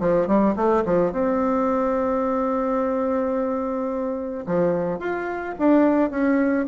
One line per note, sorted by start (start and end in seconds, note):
0.00 0.28 F3
0.28 0.55 G3
0.56 0.84 A3
0.86 1.12 F3
1.12 4.45 C4
4.47 4.99 F3
4.99 5.55 F4
5.59 6.11 D4
6.11 6.66 C#4